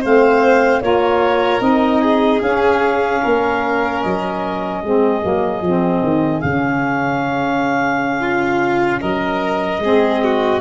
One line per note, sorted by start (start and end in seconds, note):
0.00 0.82 A3
0.00 0.82 C4
0.00 0.80 C5
0.00 0.81 F5
0.81 1.60 A#3
0.81 1.59 F4
0.81 2.01 A#4
0.81 1.61 C#5
1.59 2.40 C4
1.59 2.39 D#4
1.59 2.41 D#5
2.01 3.21 G#4
2.41 3.21 C#4
2.41 4.83 C#4
2.41 4.01 F5
3.22 4.04 A#3
3.22 4.81 A#4
4.02 4.83 F#3
4.02 6.40 D#5
4.81 5.23 G#3
4.81 5.21 C4
4.81 8.20 G#4
5.21 5.61 F#3
5.21 5.61 A#3
5.61 6.01 F3
5.61 6.41 C4
6.02 6.42 D#3
6.40 9.02 C#3
6.40 9.81 C#4
6.40 9.00 F5
8.20 9.00 F4
9.01 9.79 F#3
9.01 9.81 A#4
9.01 10.61 D#5
9.79 10.59 G#3
9.79 10.61 C4
9.79 10.24 G#4
10.24 10.61 F#4